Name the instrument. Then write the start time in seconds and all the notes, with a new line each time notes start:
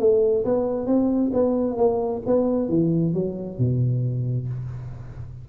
tuba
0.00 A3
0.45 B3
0.87 C4
1.34 B3
1.78 A#3
2.27 B3
2.69 E3
3.14 F#3
3.59 B2